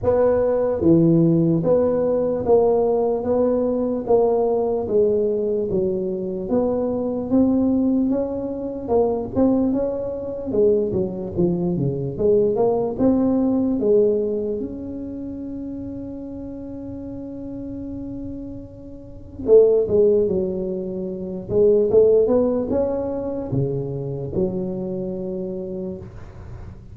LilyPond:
\new Staff \with { instrumentName = "tuba" } { \time 4/4 \tempo 4 = 74 b4 e4 b4 ais4 | b4 ais4 gis4 fis4 | b4 c'4 cis'4 ais8 c'8 | cis'4 gis8 fis8 f8 cis8 gis8 ais8 |
c'4 gis4 cis'2~ | cis'1 | a8 gis8 fis4. gis8 a8 b8 | cis'4 cis4 fis2 | }